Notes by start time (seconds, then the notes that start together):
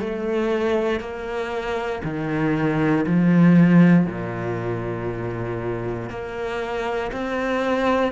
0.00 A3
1.00 A#3
2.04 D#3
3.06 F3
4.06 A#2
6.10 A#3
7.12 C4